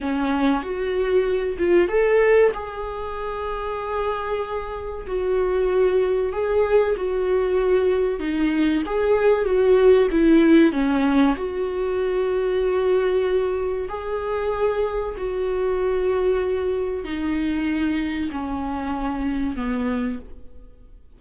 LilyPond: \new Staff \with { instrumentName = "viola" } { \time 4/4 \tempo 4 = 95 cis'4 fis'4. f'8 a'4 | gis'1 | fis'2 gis'4 fis'4~ | fis'4 dis'4 gis'4 fis'4 |
e'4 cis'4 fis'2~ | fis'2 gis'2 | fis'2. dis'4~ | dis'4 cis'2 b4 | }